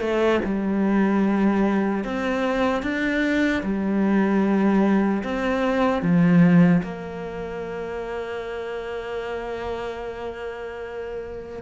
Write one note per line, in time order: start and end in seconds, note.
0.00 0.40 A3
0.44 2.04 G3
2.04 2.82 C4
2.82 3.62 D4
3.63 5.23 G3
5.23 6.02 C4
6.02 6.82 F3
6.83 11.62 A#3